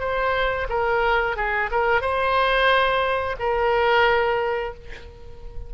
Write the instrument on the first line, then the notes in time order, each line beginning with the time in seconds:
oboe
0.00 C5
0.69 A#4
1.37 G#4
1.71 A#4
2.01 C5
3.40 A#4